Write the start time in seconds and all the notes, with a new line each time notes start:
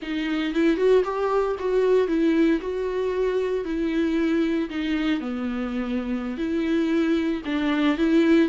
0.01 D#4
0.54 E4
0.77 F#4
1.04 G4
1.59 F#4
2.07 E4
2.60 F#4
3.65 E4
4.69 D#4
5.20 B3
6.37 E4
7.45 D4
7.97 E4